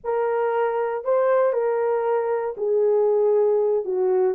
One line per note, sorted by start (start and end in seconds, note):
0.03 1.04 A#4
1.04 1.52 C5
1.52 2.55 A#4
2.57 3.84 G#4
3.84 4.34 F#4